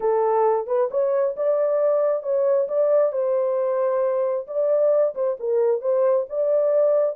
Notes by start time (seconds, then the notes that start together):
0.00 A4
0.66 B4
0.91 C#5
1.36 D5
2.22 C#5
2.68 D5
3.12 C5
4.47 D5
5.14 C5
5.39 A#4
5.81 C5
6.29 D5